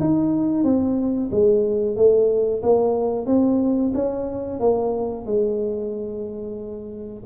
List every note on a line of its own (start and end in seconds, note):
0.00 0.64 D#4
0.64 1.29 C4
1.31 1.96 G#3
1.96 2.62 A3
2.62 3.26 A#3
3.26 3.92 C4
3.94 4.59 C#4
4.59 5.25 A#3
5.25 7.23 G#3